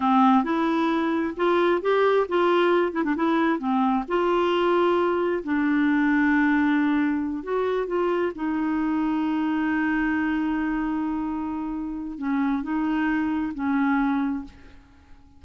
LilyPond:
\new Staff \with { instrumentName = "clarinet" } { \time 4/4 \tempo 4 = 133 c'4 e'2 f'4 | g'4 f'4. e'16 d'16 e'4 | c'4 f'2. | d'1~ |
d'8 fis'4 f'4 dis'4.~ | dis'1~ | dis'2. cis'4 | dis'2 cis'2 | }